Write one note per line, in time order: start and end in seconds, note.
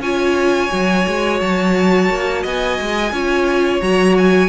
0.00 0.69 C#4
0.00 0.69 F4
0.00 2.42 C#5
0.00 1.40 G#5
0.69 1.06 F#3
0.69 3.10 F#4
1.07 1.41 G#3
1.40 2.09 F#3
1.40 2.44 A5
2.09 2.44 A#3
2.42 2.79 B3
2.42 3.11 D#5
2.42 3.81 G#5
2.80 3.11 G#3
3.11 3.80 C#4
3.11 3.81 F4
3.11 4.48 C#5
3.81 4.48 F#3
3.81 4.48 F#4
3.81 4.15 A#5
4.17 4.48 G#5